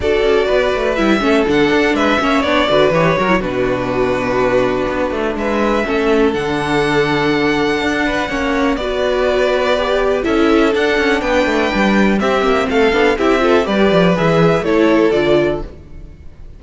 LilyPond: <<
  \new Staff \with { instrumentName = "violin" } { \time 4/4 \tempo 4 = 123 d''2 e''4 fis''4 | e''4 d''4 cis''4 b'4~ | b'2. e''4~ | e''4 fis''2.~ |
fis''2 d''2~ | d''4 e''4 fis''4 g''4~ | g''4 e''4 f''4 e''4 | d''4 e''4 cis''4 d''4 | }
  \new Staff \with { instrumentName = "violin" } { \time 4/4 a'4 b'4. a'4. | b'8 cis''4 b'4 ais'8 fis'4~ | fis'2. b'4 | a'1~ |
a'8 b'8 cis''4 b'2~ | b'4 a'2 b'4~ | b'4 g'4 a'4 g'8 a'8 | b'2 a'2 | }
  \new Staff \with { instrumentName = "viola" } { \time 4/4 fis'2 e'8 cis'8 d'4~ | d'8 cis'8 d'8 fis'8 g'8 fis'16 e'16 d'4~ | d'1 | cis'4 d'2.~ |
d'4 cis'4 fis'2 | g'4 e'4 d'2~ | d'4 c'4. d'8 e'8 f'8 | g'4 gis'4 e'4 f'4 | }
  \new Staff \with { instrumentName = "cello" } { \time 4/4 d'8 cis'8 b8 a8 g8 a8 d8 d'8 | gis8 ais8 b8 d8 e8 fis8 b,4~ | b,2 b8 a8 gis4 | a4 d2. |
d'4 ais4 b2~ | b4 cis'4 d'8 cis'8 b8 a8 | g4 c'8 ais8 a8 b8 c'4 | g8 f8 e4 a4 d4 | }
>>